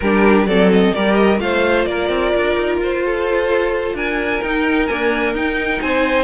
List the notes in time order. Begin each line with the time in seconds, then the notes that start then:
0.00 G3 D4 G4 A#4
0.45 F#3 C4 A4 D5
0.72 D#5
0.94 G3 G4 A#4 D5
1.15 D#5
1.38 A3 F4 C5 F5
1.84 A#3 A#4 D5
2.09 C4
2.36 D4
2.56 D#4
2.77 F4 C5
3.05 A4
3.93 D4 A#4 G#5
4.42 D#4 G5
4.86 A#3 D4 G#5
5.33 D#4 G5
5.81 C4 C5 G#5